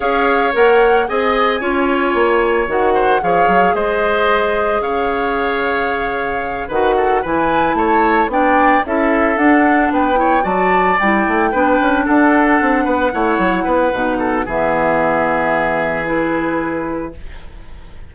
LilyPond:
<<
  \new Staff \with { instrumentName = "flute" } { \time 4/4 \tempo 4 = 112 f''4 fis''4 gis''2~ | gis''4 fis''4 f''4 dis''4~ | dis''4 f''2.~ | f''8 fis''4 gis''4 a''4 g''8~ |
g''8 e''4 fis''4 g''4 a''8~ | a''8 g''2 fis''4.~ | fis''2. e''4~ | e''2 b'2 | }
  \new Staff \with { instrumentName = "oboe" } { \time 4/4 cis''2 dis''4 cis''4~ | cis''4. c''8 cis''4 c''4~ | c''4 cis''2.~ | cis''8 b'8 a'8 b'4 cis''4 d''8~ |
d''8 a'2 b'8 cis''8 d''8~ | d''4. b'4 a'4. | b'8 cis''4 b'4 a'8 gis'4~ | gis'1 | }
  \new Staff \with { instrumentName = "clarinet" } { \time 4/4 gis'4 ais'4 gis'4 f'4~ | f'4 fis'4 gis'2~ | gis'1~ | gis'8 fis'4 e'2 d'8~ |
d'8 e'4 d'4. e'8 fis'8~ | fis'8 e'4 d'2~ d'8~ | d'8 e'4. dis'4 b4~ | b2 e'2 | }
  \new Staff \with { instrumentName = "bassoon" } { \time 4/4 cis'4 ais4 c'4 cis'4 | ais4 dis4 f8 fis8 gis4~ | gis4 cis2.~ | cis8 dis4 e4 a4 b8~ |
b8 cis'4 d'4 b4 fis8~ | fis8 g8 a8 b8 cis'8 d'4 c'8 | b8 a8 fis8 b8 b,4 e4~ | e1 | }
>>